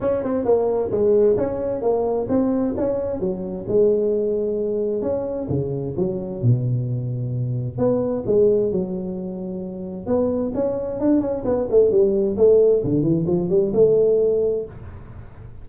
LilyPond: \new Staff \with { instrumentName = "tuba" } { \time 4/4 \tempo 4 = 131 cis'8 c'8 ais4 gis4 cis'4 | ais4 c'4 cis'4 fis4 | gis2. cis'4 | cis4 fis4 b,2~ |
b,4 b4 gis4 fis4~ | fis2 b4 cis'4 | d'8 cis'8 b8 a8 g4 a4 | d8 e8 f8 g8 a2 | }